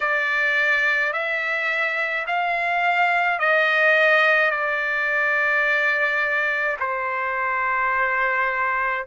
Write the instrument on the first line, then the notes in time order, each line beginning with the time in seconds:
trumpet
0.00 D5
1.13 E5
2.26 F5
3.39 D#5
4.50 D5
6.79 C5